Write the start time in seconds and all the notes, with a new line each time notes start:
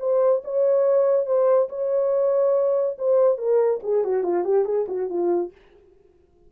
0.00 C5
0.45 C#5
1.27 C5
1.70 C#5
2.99 C5
3.38 A#4
3.84 G#4
4.05 F#4
4.24 F4
4.45 G4
4.65 G#4
4.89 F#4
5.10 F4